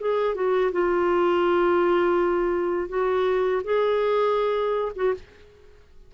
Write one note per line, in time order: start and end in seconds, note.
0.00 0.35 G#4
0.35 0.71 F#4
0.72 2.89 F4
2.89 3.62 F#4
3.64 4.92 G#4
4.96 5.14 F#4